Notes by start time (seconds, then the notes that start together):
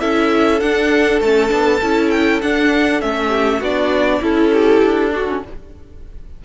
0.00 C#4 E4 A4 E5
0.60 D4 F#5
1.21 A3 C#4 A5
1.49 B3 D4
1.82 C#4 E4
2.10 G5
2.42 D4 F#5
3.01 A3 C#4 E5
3.28 G4
3.59 B3 D4 F#4 D5
4.21 C#4 E4 A4
4.52 G4
4.83 D4
5.11 D4 F#4
5.29 C#4